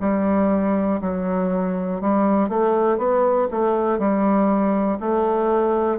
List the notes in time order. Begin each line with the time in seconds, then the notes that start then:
0.00 G3
1.01 F#3
2.01 G3
2.50 A3
2.98 B3
3.51 A3
3.99 G3
5.00 A3